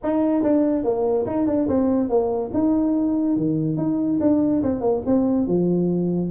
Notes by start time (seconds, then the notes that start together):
0.03 D#4
0.42 D4
0.84 A#3
1.26 D#4
1.46 D4
1.68 C4
2.09 A#3
2.53 D#4
3.36 D#3
3.77 D#4
4.20 D4
4.63 C4
4.80 A#3
5.05 C4
5.47 F3